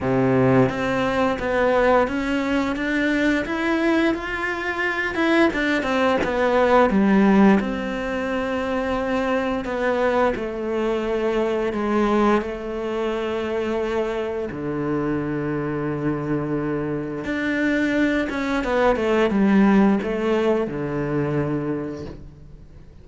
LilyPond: \new Staff \with { instrumentName = "cello" } { \time 4/4 \tempo 4 = 87 c4 c'4 b4 cis'4 | d'4 e'4 f'4. e'8 | d'8 c'8 b4 g4 c'4~ | c'2 b4 a4~ |
a4 gis4 a2~ | a4 d2.~ | d4 d'4. cis'8 b8 a8 | g4 a4 d2 | }